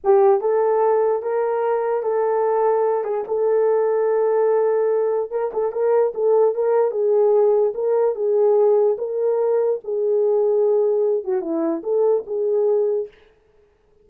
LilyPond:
\new Staff \with { instrumentName = "horn" } { \time 4/4 \tempo 4 = 147 g'4 a'2 ais'4~ | ais'4 a'2~ a'8 gis'8 | a'1~ | a'4 ais'8 a'8 ais'4 a'4 |
ais'4 gis'2 ais'4 | gis'2 ais'2 | gis'2.~ gis'8 fis'8 | e'4 a'4 gis'2 | }